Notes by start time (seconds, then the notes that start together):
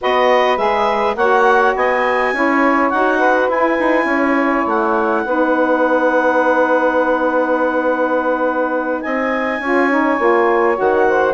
0.01 B3 F#4 B4 D#5
0.57 G#3 G#4 E5
1.15 A#3 F#4 C#5 F#5
1.75 B3 D#5 G#5
2.33 C#4 E4 C#5
2.90 D#4 F#4 F#5
3.18 B4
3.48 E4 G#5
3.79 D#4
4.04 C#4 C#5
4.66 A3 F#5
5.25 B3 D#4 B4
9.01 C4 D#5 G#5
9.59 C#4 F4 C#5
9.90 D#4
10.19 A#3 F4
10.74 D#3 F#4 F#5
11.08 C5